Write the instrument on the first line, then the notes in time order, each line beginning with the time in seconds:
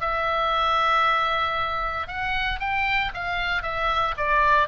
oboe
0.00 E5
2.07 F#5
2.59 G5
3.14 F5
3.62 E5
4.17 D5